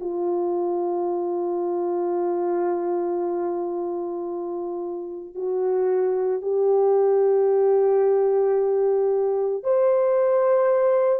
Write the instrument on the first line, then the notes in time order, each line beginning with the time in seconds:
horn
0.00 F4
5.35 F#4
6.41 G4
9.63 C5